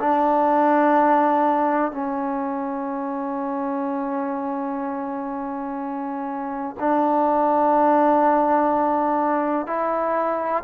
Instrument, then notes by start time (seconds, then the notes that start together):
trombone
0.00 D4
1.92 C#4
6.80 D4
9.67 E4